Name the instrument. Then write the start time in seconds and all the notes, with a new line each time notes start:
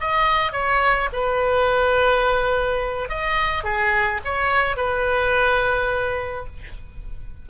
oboe
0.00 D#5
0.52 C#5
1.12 B4
3.08 D#5
3.64 G#4
4.24 C#5
4.76 B4